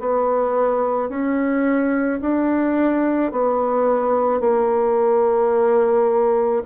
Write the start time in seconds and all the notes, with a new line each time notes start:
0.00 B3
1.09 C#4
2.21 D4
3.32 B3
4.40 A#3